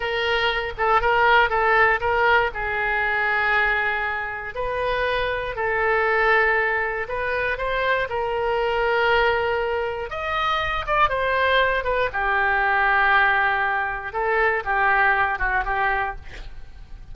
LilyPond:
\new Staff \with { instrumentName = "oboe" } { \time 4/4 \tempo 4 = 119 ais'4. a'8 ais'4 a'4 | ais'4 gis'2.~ | gis'4 b'2 a'4~ | a'2 b'4 c''4 |
ais'1 | dis''4. d''8 c''4. b'8 | g'1 | a'4 g'4. fis'8 g'4 | }